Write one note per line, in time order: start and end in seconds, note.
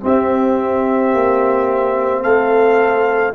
0.00 3.33 C4
0.00 1.14 C4
0.00 2.23 G4
0.00 2.23 E5
1.14 2.25 A#3
2.23 3.34 A3
2.23 3.34 A4
2.23 3.34 F5